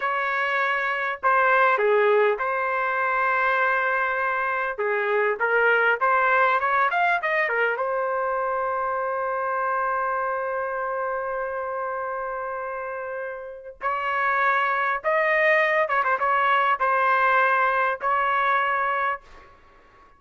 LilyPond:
\new Staff \with { instrumentName = "trumpet" } { \time 4/4 \tempo 4 = 100 cis''2 c''4 gis'4 | c''1 | gis'4 ais'4 c''4 cis''8 f''8 | dis''8 ais'8 c''2.~ |
c''1~ | c''2. cis''4~ | cis''4 dis''4. cis''16 c''16 cis''4 | c''2 cis''2 | }